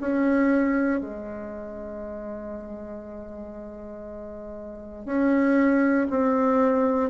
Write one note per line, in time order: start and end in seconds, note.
0.00 1.00 C#4
1.00 5.05 G#3
5.05 6.07 C#4
6.10 7.10 C4